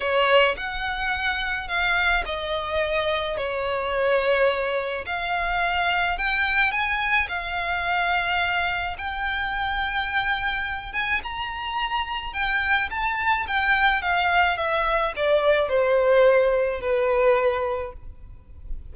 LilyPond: \new Staff \with { instrumentName = "violin" } { \time 4/4 \tempo 4 = 107 cis''4 fis''2 f''4 | dis''2 cis''2~ | cis''4 f''2 g''4 | gis''4 f''2. |
g''2.~ g''8 gis''8 | ais''2 g''4 a''4 | g''4 f''4 e''4 d''4 | c''2 b'2 | }